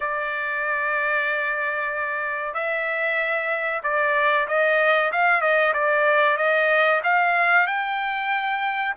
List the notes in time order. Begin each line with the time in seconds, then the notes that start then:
0.00 D5
2.54 E5
3.83 D5
4.47 D#5
5.12 F5
5.41 D#5
5.73 D5
6.37 D#5
7.03 F5
7.66 G5